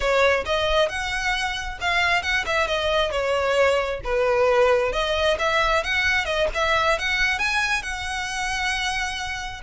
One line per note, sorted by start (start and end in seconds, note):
0.00 0.44 C#5
0.45 0.88 D#5
0.88 1.78 F#5
1.80 2.22 F5
2.22 2.44 F#5
2.46 2.67 E5
2.67 3.11 D#5
3.11 4.01 C#5
4.04 4.92 B4
4.92 5.37 D#5
5.38 5.83 E5
5.83 6.25 F#5
6.25 6.47 D#5
6.54 6.98 E5
6.98 7.38 F#5
7.38 7.82 G#5
7.82 9.61 F#5